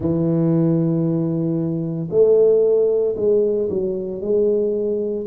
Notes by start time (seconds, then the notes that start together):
0.00 E3
2.10 A3
3.16 G#3
3.69 F#3
4.21 G#3